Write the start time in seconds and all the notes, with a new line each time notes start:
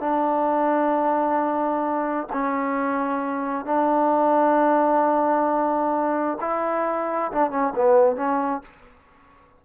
0.00 D4
2.32 C#4
3.65 D4
6.40 E4
7.31 D4
7.50 C#4
7.75 B3
8.16 C#4